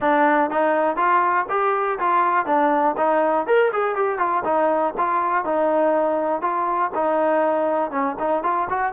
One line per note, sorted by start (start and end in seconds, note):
0.00 0.50 D4
0.50 0.96 D#4
0.96 1.45 F4
1.49 1.98 G4
1.99 2.45 F4
2.45 2.95 D4
2.97 3.46 D#4
3.46 3.71 A#4
3.72 3.95 G#4
3.95 4.18 G4
4.18 4.43 F4
4.44 4.93 D#4
4.97 5.44 F4
5.44 6.41 D#4
6.41 6.91 F4
6.94 7.90 D#4
7.90 8.15 C#4
8.19 8.43 D#4
8.43 8.68 F4
8.69 8.92 F#4